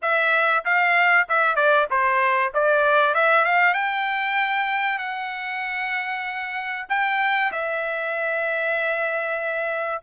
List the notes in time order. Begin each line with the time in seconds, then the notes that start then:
0.02 E5
0.64 F5
1.28 E5
1.55 D5
1.90 C5
2.53 D5
3.14 E5
3.44 F5
3.73 G5
4.98 F#5
6.89 G5
7.51 E5